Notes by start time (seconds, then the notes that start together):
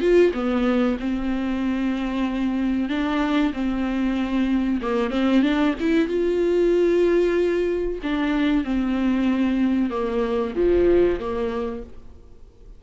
0.00 F4
0.33 B3
0.99 C4
2.89 D4
3.53 C4
4.81 A#3
5.10 C4
5.42 D4
5.80 E4
6.08 F4
8.02 D4
8.64 C4
9.90 A#3
10.55 F3
11.19 A#3